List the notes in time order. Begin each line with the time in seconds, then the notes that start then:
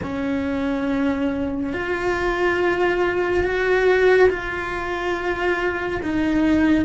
0.02 C#4
1.73 F4
3.43 F#4
4.29 F4
6.02 D#4